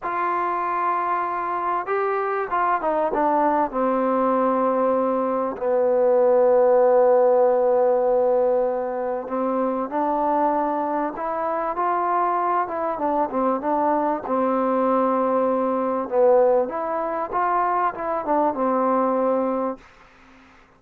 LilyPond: \new Staff \with { instrumentName = "trombone" } { \time 4/4 \tempo 4 = 97 f'2. g'4 | f'8 dis'8 d'4 c'2~ | c'4 b2.~ | b2. c'4 |
d'2 e'4 f'4~ | f'8 e'8 d'8 c'8 d'4 c'4~ | c'2 b4 e'4 | f'4 e'8 d'8 c'2 | }